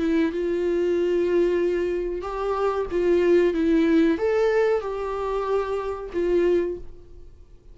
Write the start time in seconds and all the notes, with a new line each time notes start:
0.00 E4
0.32 F4
2.22 G4
2.91 F4
3.54 E4
4.18 A4
4.81 G4
6.13 F4